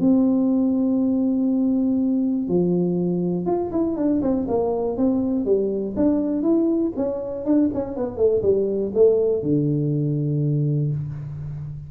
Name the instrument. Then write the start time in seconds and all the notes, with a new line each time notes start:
tuba
0.00 C4
2.48 F3
3.46 F4
3.72 E4
3.96 D4
4.22 C4
4.48 A#3
4.97 C4
5.45 G3
5.96 D4
6.42 E4
6.96 C#4
7.45 D4
7.74 C#4
7.97 B3
8.17 A3
8.43 G3
8.94 A3
9.42 D3